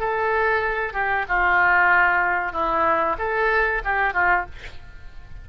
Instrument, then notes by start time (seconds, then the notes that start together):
oboe
0.00 A4
0.93 G4
1.29 F4
2.53 E4
3.18 A4
3.84 G4
4.14 F4